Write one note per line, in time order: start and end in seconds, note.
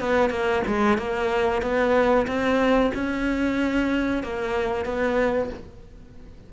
0.00 0.30 B3
0.30 0.62 A#3
0.67 0.98 G#3
0.98 1.62 A#3
1.62 2.26 B3
2.27 2.92 C4
2.94 4.23 C#4
4.23 4.85 A#3
4.85 5.50 B3